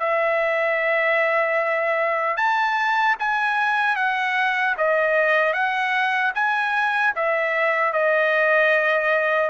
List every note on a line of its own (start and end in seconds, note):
0.00 2.37 E5
2.37 3.16 A5
3.20 3.97 G#5
3.97 4.75 F#5
4.78 5.54 D#5
5.54 6.33 F#5
6.35 7.14 G#5
7.16 7.93 E5
7.93 9.51 D#5